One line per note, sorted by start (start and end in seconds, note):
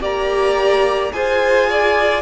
0.00 1.11 A#3
0.00 1.11 G4
0.00 1.12 D5
0.00 1.12 A#5
1.12 2.22 F4
1.12 2.22 G#4
1.12 1.69 C5
1.12 2.22 G#5
1.69 2.22 D5